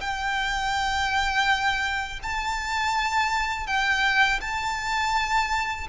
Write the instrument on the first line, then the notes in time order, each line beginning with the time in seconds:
violin
0.00 G5
2.23 A5
3.67 G5
4.41 A5